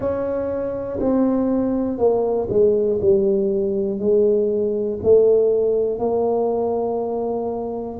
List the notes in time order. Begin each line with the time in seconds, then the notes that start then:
0.00 C#4
0.99 C4
1.98 A#3
2.49 G#3
3.00 G3
3.99 G#3
5.02 A3
5.99 A#3